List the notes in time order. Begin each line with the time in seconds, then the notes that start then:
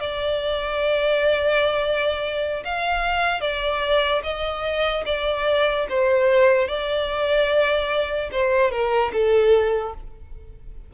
0.00 D5
2.64 F5
3.41 D5
4.23 D#5
5.06 D5
5.89 C5
6.68 D5
8.31 C5
8.71 A#4
9.13 A4